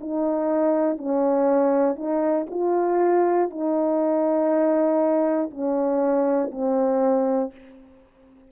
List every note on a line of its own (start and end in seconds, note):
0.00 0.98 D#4
0.98 1.95 C#4
1.95 2.45 D#4
2.50 3.50 F4
3.50 5.50 D#4
5.50 6.50 C#4
6.51 7.51 C4